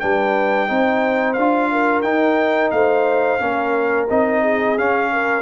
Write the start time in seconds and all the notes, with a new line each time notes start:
0.00 G3 D4 B4 G5
0.68 C4 D#4 C5
1.34 D4 F4 F5
1.72 A#4
2.03 D#4 G5
2.71 A3 C5 F5
3.40 A#3 C#4 A#4
4.10 C4 D#4 D#5
4.42 G#4
4.79 C#4 F5
5.13 A#4